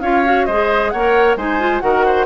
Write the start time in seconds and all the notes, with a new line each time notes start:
0.00 C#4 F4 C#5 F5
0.25 F#4
0.45 G#3 G#4 C5 D#5
0.90 A#3 A#4 C#5 F#5
1.36 G#3 D#4 C5 G#5
1.59 F4
1.80 D#3 F#4 A#4 F#5
2.05 C5